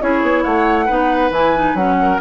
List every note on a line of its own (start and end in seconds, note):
0.00 0.22 C#4
0.00 0.87 E4
0.00 0.43 G#4
0.00 0.44 C#5
0.22 0.44 B3
0.43 0.89 A3
0.43 0.85 C#5
0.43 1.31 F#5
0.85 1.30 B3
0.85 1.30 D#4
0.85 1.95 B4
1.30 1.74 E3
1.30 1.55 E4
1.30 1.76 G#5
1.55 1.76 D#4
1.74 2.18 F#3
1.74 2.20 C#4
1.74 2.20 F#5
2.01 2.21 A#4